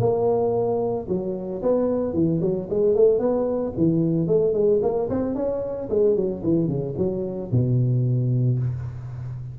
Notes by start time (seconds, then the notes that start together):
0.00 A#3
1.08 F#3
1.62 B3
2.14 E3
2.42 F#3
2.70 G#3
2.95 A3
3.19 B3
3.77 E3
4.28 A3
4.53 G#3
4.82 A#3
5.10 C4
5.35 C#4
5.90 G#3
6.16 F#3
6.44 E3
6.68 C#3
6.97 F#3
7.52 B2